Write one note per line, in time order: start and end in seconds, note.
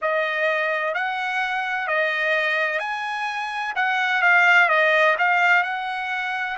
0.01 0.94 D#5
0.94 1.87 F#5
1.87 2.79 D#5
2.79 3.73 G#5
3.75 4.22 F#5
4.22 4.69 F5
4.69 5.16 D#5
5.18 5.63 F5
5.63 6.57 F#5